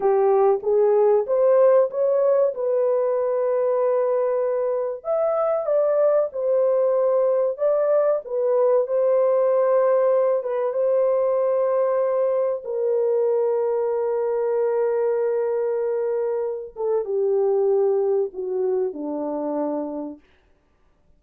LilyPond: \new Staff \with { instrumentName = "horn" } { \time 4/4 \tempo 4 = 95 g'4 gis'4 c''4 cis''4 | b'1 | e''4 d''4 c''2 | d''4 b'4 c''2~ |
c''8 b'8 c''2. | ais'1~ | ais'2~ ais'8 a'8 g'4~ | g'4 fis'4 d'2 | }